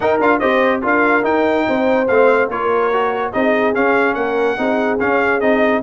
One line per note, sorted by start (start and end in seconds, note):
0.00 0.19 D#4
0.00 0.39 A#4
0.00 0.20 G5
0.19 0.40 D4
0.19 0.40 F4
0.19 0.39 F5
0.39 0.83 C4
0.39 0.82 G4
0.39 0.81 C5
0.39 0.80 D#5
0.82 1.24 D4
0.82 1.22 F4
0.82 1.66 A#4
0.82 1.24 F5
1.22 2.06 D#4
1.22 1.65 D#4
1.22 2.07 G5
1.67 2.09 C4
1.67 2.48 C5
2.07 2.48 A3
2.07 2.51 C4
2.07 2.49 F5
2.48 3.31 A#3
2.48 2.92 F4
2.48 3.31 A#4
2.48 3.32 C#5
2.92 3.33 F#4
3.32 3.76 C4
3.32 3.74 D#4
3.32 4.16 G#4
3.32 3.74 D#5
3.74 4.57 C#4
3.74 4.15 C#4
3.74 4.14 F5
4.14 4.56 A#3
4.14 4.57 A#4
4.14 4.97 F#5
4.57 5.00 C4
4.57 4.99 D#4
4.57 5.83 G#4
4.99 5.41 C#4
4.99 5.40 F5
5.40 5.82 C4
5.40 5.82 D#4
5.40 5.82 D#5